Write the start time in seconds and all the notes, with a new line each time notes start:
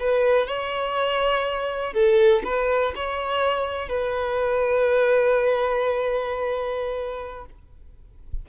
0.00 B4
0.47 C#5
1.94 A4
2.45 B4
2.96 C#5
3.89 B4